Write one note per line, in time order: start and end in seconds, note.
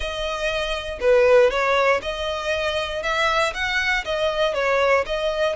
0.00 0.99 D#5
1.00 1.50 B4
1.50 2.01 C#5
2.02 3.03 D#5
3.03 3.53 E5
3.54 4.04 F#5
4.05 4.54 D#5
4.54 5.04 C#5
5.06 5.56 D#5